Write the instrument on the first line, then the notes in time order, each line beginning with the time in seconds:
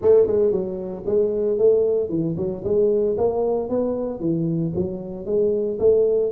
tuba
0.01 A3
0.26 G#3
0.51 F#3
1.06 G#3
1.58 A3
2.09 E3
2.37 F#3
2.64 G#3
3.17 A#3
3.69 B3
4.20 E3
4.75 F#3
5.25 G#3
5.79 A3